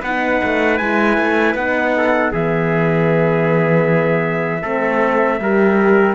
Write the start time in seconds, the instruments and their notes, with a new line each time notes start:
0.00 cello B3, trumpet B4 F#5
0.06 horn D#4
0.44 cello A3
0.78 cello G#3, horn E4, trumpet G#5
1.18 cello A3
1.55 cello B3, horn D#4, trumpet F#5
1.97 trumpet A4
2.32 cello E3, horn B3, trumpet G#4 E5
4.62 cello A3, horn C4, trumpet A4
5.40 cello G3, horn G4, trumpet A#4